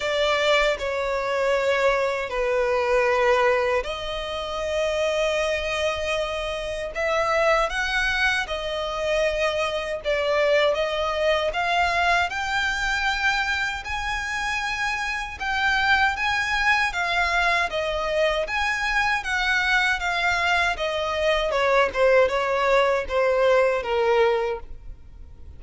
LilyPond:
\new Staff \with { instrumentName = "violin" } { \time 4/4 \tempo 4 = 78 d''4 cis''2 b'4~ | b'4 dis''2.~ | dis''4 e''4 fis''4 dis''4~ | dis''4 d''4 dis''4 f''4 |
g''2 gis''2 | g''4 gis''4 f''4 dis''4 | gis''4 fis''4 f''4 dis''4 | cis''8 c''8 cis''4 c''4 ais'4 | }